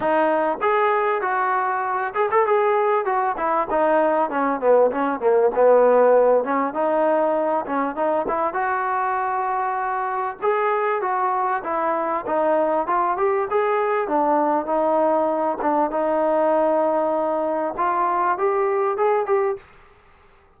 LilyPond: \new Staff \with { instrumentName = "trombone" } { \time 4/4 \tempo 4 = 98 dis'4 gis'4 fis'4. gis'16 a'16 | gis'4 fis'8 e'8 dis'4 cis'8 b8 | cis'8 ais8 b4. cis'8 dis'4~ | dis'8 cis'8 dis'8 e'8 fis'2~ |
fis'4 gis'4 fis'4 e'4 | dis'4 f'8 g'8 gis'4 d'4 | dis'4. d'8 dis'2~ | dis'4 f'4 g'4 gis'8 g'8 | }